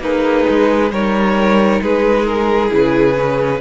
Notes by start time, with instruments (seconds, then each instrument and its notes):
0.00 cello A#3, violin D#4 B4, viola G#4
0.50 cello G#3
0.91 cello G3, viola D#4, violin A#4 C#5
1.82 cello G#3, violin G#4 B4
2.26 violin A#4
2.69 cello C#3, viola E4, violin B4
3.18 viola C#4